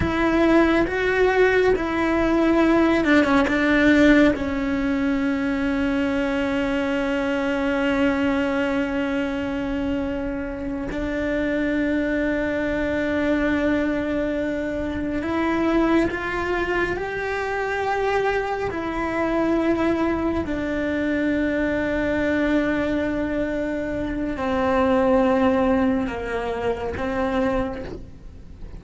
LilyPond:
\new Staff \with { instrumentName = "cello" } { \time 4/4 \tempo 4 = 69 e'4 fis'4 e'4. d'16 cis'16 | d'4 cis'2.~ | cis'1~ | cis'8 d'2.~ d'8~ |
d'4. e'4 f'4 g'8~ | g'4. e'2 d'8~ | d'1 | c'2 ais4 c'4 | }